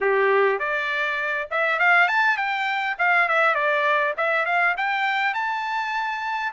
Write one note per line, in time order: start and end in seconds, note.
0.00 0.59 G4
0.59 1.48 D5
1.50 1.79 E5
1.79 2.08 F5
2.08 2.37 A5
2.37 2.96 G5
2.98 3.28 F5
3.28 3.54 E5
3.54 4.14 D5
4.17 4.45 E5
4.45 4.75 F5
4.77 5.34 G5
5.34 6.53 A5